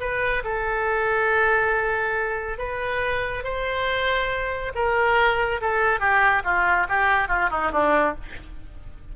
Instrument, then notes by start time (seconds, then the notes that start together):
oboe
0.00 B4
0.44 A4
2.58 B4
3.44 C5
4.75 A#4
5.61 A4
6.00 G4
6.44 F4
6.88 G4
7.28 F4
7.50 D#4
7.72 D4